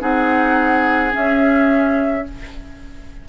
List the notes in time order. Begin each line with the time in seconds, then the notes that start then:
0.00 C4 D#4 G#4 F#5
1.11 C#4 E5